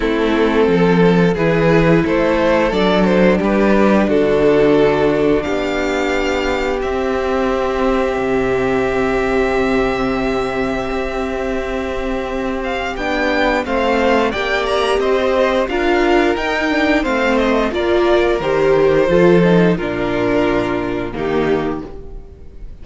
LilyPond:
<<
  \new Staff \with { instrumentName = "violin" } { \time 4/4 \tempo 4 = 88 a'2 b'4 c''4 | d''8 c''8 b'4 a'2 | f''2 e''2~ | e''1~ |
e''2~ e''8 f''8 g''4 | f''4 g''8 ais''8 dis''4 f''4 | g''4 f''8 dis''8 d''4 c''4~ | c''4 ais'2 g'4 | }
  \new Staff \with { instrumentName = "violin" } { \time 4/4 e'4 a'4 gis'4 a'4~ | a'4 g'4 fis'2 | g'1~ | g'1~ |
g'1 | c''4 d''4 c''4 ais'4~ | ais'4 c''4 ais'2 | a'4 f'2 dis'4 | }
  \new Staff \with { instrumentName = "viola" } { \time 4/4 c'2 e'2 | d'1~ | d'2 c'2~ | c'1~ |
c'2. d'4 | c'4 g'2 f'4 | dis'8 d'8 c'4 f'4 g'4 | f'8 dis'8 d'2 ais4 | }
  \new Staff \with { instrumentName = "cello" } { \time 4/4 a4 f4 e4 a4 | fis4 g4 d2 | b2 c'2 | c1 |
c'2. b4 | a4 ais4 c'4 d'4 | dis'4 a4 ais4 dis4 | f4 ais,2 dis4 | }
>>